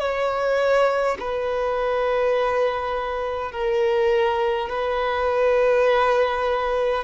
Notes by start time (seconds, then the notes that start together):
0.00 C#5
1.20 B4
3.52 A#4
4.70 B4